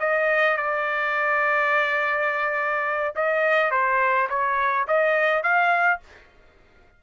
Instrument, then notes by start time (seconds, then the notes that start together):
trumpet
0.00 D#5
0.57 D5
3.16 D#5
3.71 C5
4.29 C#5
4.87 D#5
5.43 F5